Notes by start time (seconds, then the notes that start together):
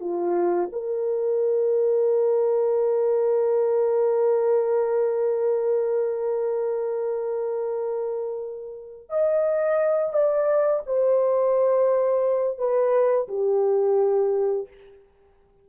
0.00 F4
0.72 A#4
9.09 D#5
10.13 D5
10.86 C5
12.58 B4
13.28 G4